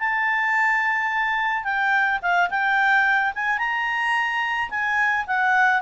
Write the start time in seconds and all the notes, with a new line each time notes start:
0.00 A5
1.64 G5
2.22 F5
2.50 G5
3.35 G#5
3.59 A#5
4.70 G#5
5.27 F#5